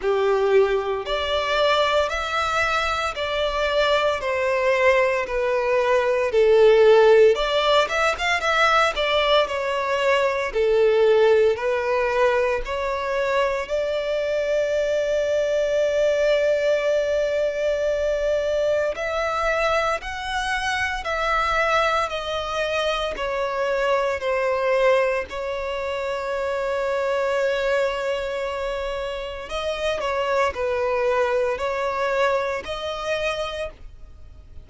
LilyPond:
\new Staff \with { instrumentName = "violin" } { \time 4/4 \tempo 4 = 57 g'4 d''4 e''4 d''4 | c''4 b'4 a'4 d''8 e''16 f''16 | e''8 d''8 cis''4 a'4 b'4 | cis''4 d''2.~ |
d''2 e''4 fis''4 | e''4 dis''4 cis''4 c''4 | cis''1 | dis''8 cis''8 b'4 cis''4 dis''4 | }